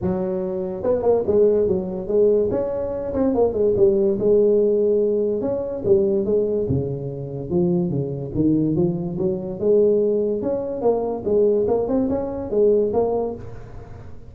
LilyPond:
\new Staff \with { instrumentName = "tuba" } { \time 4/4 \tempo 4 = 144 fis2 b8 ais8 gis4 | fis4 gis4 cis'4. c'8 | ais8 gis8 g4 gis2~ | gis4 cis'4 g4 gis4 |
cis2 f4 cis4 | dis4 f4 fis4 gis4~ | gis4 cis'4 ais4 gis4 | ais8 c'8 cis'4 gis4 ais4 | }